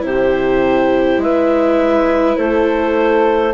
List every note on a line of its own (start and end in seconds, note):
0.00 1.18 C3
0.00 3.53 E4
0.00 1.23 G4
0.00 1.22 C5
1.18 2.36 G#3
1.18 2.39 B4
1.18 2.36 E5
2.36 3.54 A3
2.36 3.54 A4
2.36 3.54 C5